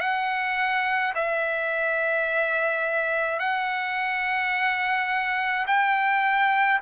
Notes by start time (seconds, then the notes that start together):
0.00 F#5
1.15 E5
3.40 F#5
5.67 G5